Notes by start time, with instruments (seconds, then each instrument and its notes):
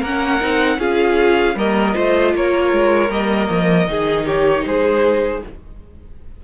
0.00 cello A#3, viola C#4, violin A#4 F#5
0.40 cello C4, viola D#4
0.78 cello C#4, viola F4, violin G#4 F5
1.55 cello G3, viola A#3, violin A#4 D#5
1.94 cello A3, viola F4, violin C5
2.34 cello A#3, violin A#4 C#5
2.72 cello G#3
3.09 cello G3, viola A#3, violin D#5
3.50 cello F3
3.87 cello D#3, viola D#4, violin G#4
4.25 violin G4 C#5
4.65 cello G#3, violin G#4 C5